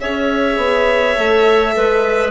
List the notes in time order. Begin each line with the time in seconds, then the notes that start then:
0.00 C#4 G#4 C#5 E5
0.57 B3
1.16 A3 A4
1.76 G#3 B4